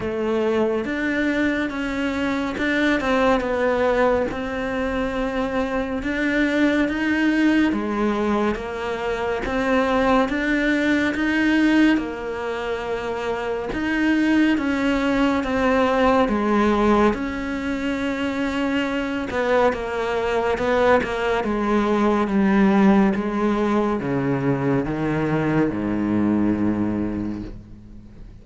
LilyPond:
\new Staff \with { instrumentName = "cello" } { \time 4/4 \tempo 4 = 70 a4 d'4 cis'4 d'8 c'8 | b4 c'2 d'4 | dis'4 gis4 ais4 c'4 | d'4 dis'4 ais2 |
dis'4 cis'4 c'4 gis4 | cis'2~ cis'8 b8 ais4 | b8 ais8 gis4 g4 gis4 | cis4 dis4 gis,2 | }